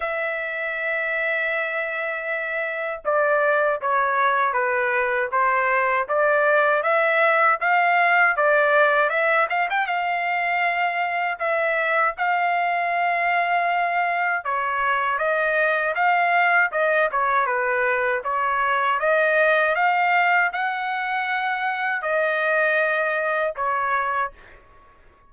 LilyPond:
\new Staff \with { instrumentName = "trumpet" } { \time 4/4 \tempo 4 = 79 e''1 | d''4 cis''4 b'4 c''4 | d''4 e''4 f''4 d''4 | e''8 f''16 g''16 f''2 e''4 |
f''2. cis''4 | dis''4 f''4 dis''8 cis''8 b'4 | cis''4 dis''4 f''4 fis''4~ | fis''4 dis''2 cis''4 | }